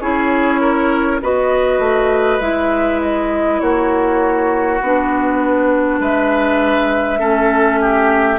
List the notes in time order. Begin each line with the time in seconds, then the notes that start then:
0.00 C#4 E4 G#4 C#5
0.61 A#4
1.21 B3 F#4 B4 D#5
1.79 A3
2.40 G#3 E4 E5
3.02 D#5
3.60 A#3 F#4 C#5
4.81 B3 D4 B4
5.99 G#3 B4 E5
7.19 A3 C#4 A4
7.81 G4